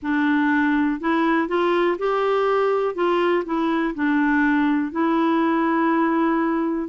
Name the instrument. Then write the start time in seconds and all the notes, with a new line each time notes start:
clarinet
0.02 D4
1.00 E4
1.48 F4
1.98 G4
2.94 F4
3.45 E4
3.94 D4
4.91 E4